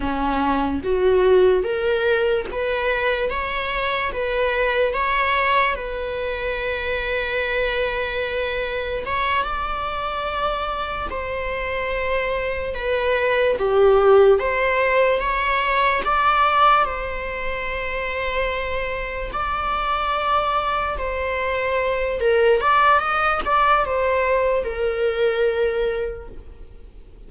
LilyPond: \new Staff \with { instrumentName = "viola" } { \time 4/4 \tempo 4 = 73 cis'4 fis'4 ais'4 b'4 | cis''4 b'4 cis''4 b'4~ | b'2. cis''8 d''8~ | d''4. c''2 b'8~ |
b'8 g'4 c''4 cis''4 d''8~ | d''8 c''2. d''8~ | d''4. c''4. ais'8 d''8 | dis''8 d''8 c''4 ais'2 | }